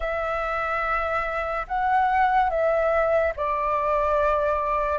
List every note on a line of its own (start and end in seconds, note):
0.00 1.66 E5
1.67 2.50 F#5
2.50 3.33 E5
3.36 4.99 D5